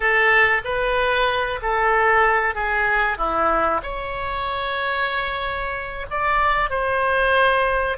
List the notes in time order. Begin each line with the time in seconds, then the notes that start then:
0.00 A4
0.64 B4
1.61 A4
2.54 G#4
3.17 E4
3.83 C#5
6.10 D5
6.70 C5